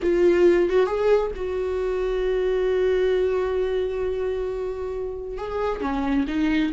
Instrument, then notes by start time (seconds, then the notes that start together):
viola
0.02 F4
0.69 F#4
0.86 G#4
1.35 F#4
5.37 G#4
5.80 C#4
6.27 D#4